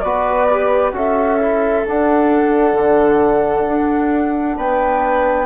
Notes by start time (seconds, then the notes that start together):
0.00 B3 F#4 B4 D5
0.50 G4
0.92 C#4 F#4 A4 E5
1.40 E4
1.85 D4 F#5
2.73 D3
3.68 D4
4.58 B3 B4 G5